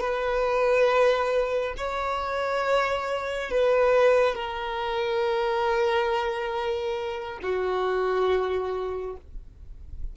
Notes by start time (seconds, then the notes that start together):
0.00 B4
1.77 C#5
3.50 B4
4.34 A#4
7.42 F#4